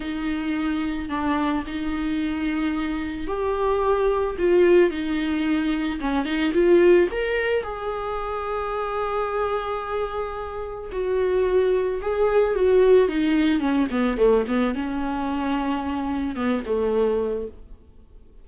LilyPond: \new Staff \with { instrumentName = "viola" } { \time 4/4 \tempo 4 = 110 dis'2 d'4 dis'4~ | dis'2 g'2 | f'4 dis'2 cis'8 dis'8 | f'4 ais'4 gis'2~ |
gis'1 | fis'2 gis'4 fis'4 | dis'4 cis'8 b8 a8 b8 cis'4~ | cis'2 b8 a4. | }